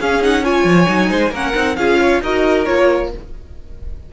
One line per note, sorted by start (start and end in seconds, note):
0.00 0.22 C#4
0.00 0.64 C#4
0.00 0.44 G#4
0.00 0.23 F5
0.22 0.44 D#4
0.22 0.45 F#5
0.44 0.86 F4
0.44 1.09 C#5
0.44 1.34 G#5
0.64 0.86 F3
0.86 1.10 F#3
0.86 1.31 D#4
1.09 1.31 G#3
1.09 1.32 C5
1.31 1.53 A#3
1.31 1.54 C#4
1.31 1.76 A#4
1.31 1.76 F#5
1.54 1.77 C4
1.54 1.76 D#4
1.76 2.21 C#4
1.76 2.23 F4
1.76 2.00 G#4
1.76 2.21 F5
2.00 2.22 C#5
2.21 2.66 D#4
2.21 2.66 F#4
2.21 3.12 A#4
2.21 2.65 D#5
2.65 3.13 A#3
2.65 3.11 F4
2.65 3.10 C#5